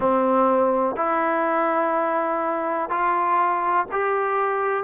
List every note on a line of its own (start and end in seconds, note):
0.00 0.95 C4
0.95 2.89 E4
2.89 3.86 F4
3.91 4.83 G4